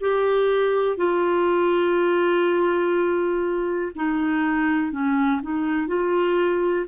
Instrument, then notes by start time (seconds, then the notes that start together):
clarinet
0.00 G4
0.97 F4
3.95 D#4
4.92 C#4
5.42 D#4
5.87 F4